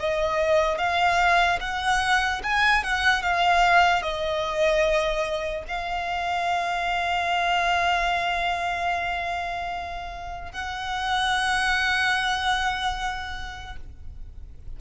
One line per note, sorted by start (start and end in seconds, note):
0.00 0.79 D#5
0.79 1.60 F5
1.61 2.42 F#5
2.43 2.84 G#5
2.84 3.22 F#5
3.22 4.02 F5
4.02 5.65 D#5
5.68 10.52 F5
10.52 13.77 F#5